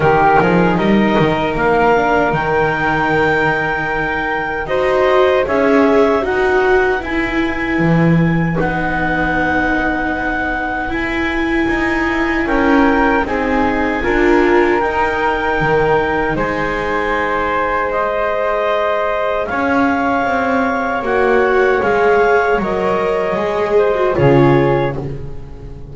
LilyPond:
<<
  \new Staff \with { instrumentName = "clarinet" } { \time 4/4 \tempo 4 = 77 ais'4 dis''4 f''4 g''4~ | g''2 dis''4 e''4 | fis''4 gis''2 fis''4~ | fis''2 gis''2 |
g''4 gis''2 g''4~ | g''4 gis''2 dis''4~ | dis''4 f''2 fis''4 | f''4 dis''2 cis''4 | }
  \new Staff \with { instrumentName = "flute" } { \time 4/4 g'8 gis'8 ais'2.~ | ais'2 c''4 cis''4 | b'1~ | b'1 |
ais'4 gis'4 ais'2~ | ais'4 c''2.~ | c''4 cis''2.~ | cis''2~ cis''8 c''8 gis'4 | }
  \new Staff \with { instrumentName = "viola" } { \time 4/4 dis'2~ dis'8 d'8 dis'4~ | dis'2 fis'4 gis'4 | fis'4 e'2 dis'4~ | dis'2 e'2~ |
e'4 dis'4 f'4 dis'4~ | dis'2. gis'4~ | gis'2. fis'4 | gis'4 ais'4 gis'8. fis'16 f'4 | }
  \new Staff \with { instrumentName = "double bass" } { \time 4/4 dis8 f8 g8 dis8 ais4 dis4~ | dis2 dis'4 cis'4 | dis'4 e'4 e4 b4~ | b2 e'4 dis'4 |
cis'4 c'4 d'4 dis'4 | dis4 gis2.~ | gis4 cis'4 c'4 ais4 | gis4 fis4 gis4 cis4 | }
>>